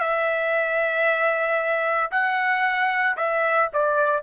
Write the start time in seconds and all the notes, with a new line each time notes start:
0.00 E5
2.11 F#5
3.17 E5
3.73 D5